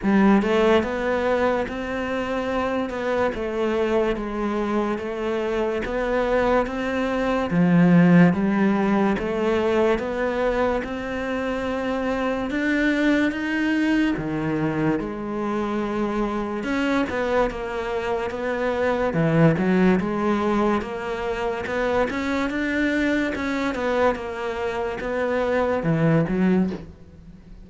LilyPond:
\new Staff \with { instrumentName = "cello" } { \time 4/4 \tempo 4 = 72 g8 a8 b4 c'4. b8 | a4 gis4 a4 b4 | c'4 f4 g4 a4 | b4 c'2 d'4 |
dis'4 dis4 gis2 | cis'8 b8 ais4 b4 e8 fis8 | gis4 ais4 b8 cis'8 d'4 | cis'8 b8 ais4 b4 e8 fis8 | }